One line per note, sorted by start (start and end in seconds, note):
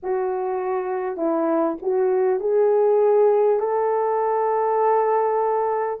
0.02 1.16 F#4
1.16 1.76 E4
1.82 2.40 F#4
2.40 3.59 G#4
3.59 5.99 A4